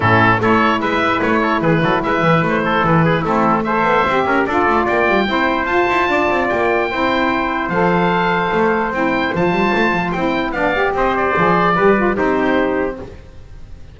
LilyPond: <<
  \new Staff \with { instrumentName = "oboe" } { \time 4/4 \tempo 4 = 148 a'4 cis''4 e''4 cis''4 | b'4 e''4 c''4 b'4 | a'4 e''2 d''4 | g''2 a''2 |
g''2. f''4~ | f''2 g''4 a''4~ | a''4 g''4 f''4 dis''8 d''8~ | d''2 c''2 | }
  \new Staff \with { instrumentName = "trumpet" } { \time 4/4 e'4 a'4 b'4. a'8 | gis'8 a'8 b'4. a'4 gis'8 | e'4 c''4. ais'8 a'4 | d''4 c''2 d''4~ |
d''4 c''2.~ | c''1~ | c''2 d''4 c''4~ | c''4 b'4 g'2 | }
  \new Staff \with { instrumentName = "saxophone" } { \time 4/4 cis'4 e'2.~ | e'1 | c'4 a'4 g'4 f'4~ | f'4 e'4 f'2~ |
f'4 e'2 a'4~ | a'2 e'4 f'4~ | f'4 e'4 d'8 g'4. | gis'4 g'8 f'8 dis'2 | }
  \new Staff \with { instrumentName = "double bass" } { \time 4/4 a,4 a4 gis4 a4 | e8 fis8 gis8 e8 a4 e4 | a4. b8 c'8 cis'8 d'8 a8 | ais8 g8 c'4 f'8 e'8 d'8 c'8 |
ais4 c'2 f4~ | f4 a4 c'4 f8 g8 | a8 f8 c'4 b4 c'4 | f4 g4 c'2 | }
>>